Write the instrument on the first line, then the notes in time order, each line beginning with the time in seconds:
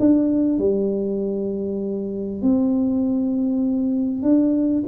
tuba
0.00 D4
0.59 G3
2.42 C4
4.23 D4